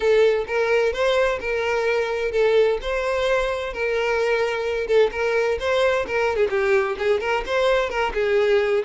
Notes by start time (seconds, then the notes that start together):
0.00 A4
0.47 A#4
0.92 C5
1.40 A#4
2.31 A4
2.81 C5
3.73 A#4
4.87 A4
5.11 A#4
5.59 C5
6.07 A#4
6.36 G#4
6.50 G4
6.98 G#4
7.20 A#4
7.45 C5
7.89 A#4
8.14 G#4